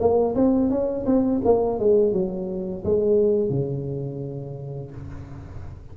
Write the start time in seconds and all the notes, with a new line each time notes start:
0.00 A#3
0.36 C4
0.70 C#4
1.07 C4
1.45 A#3
1.80 G#3
2.13 F#3
2.85 G#3
3.50 C#3